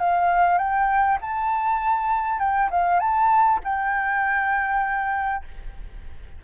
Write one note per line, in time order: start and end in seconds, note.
0.00 0.58 F5
0.58 1.18 G5
1.22 2.39 A5
2.39 2.69 G5
2.71 3.00 F5
3.00 3.60 A5
3.64 5.44 G5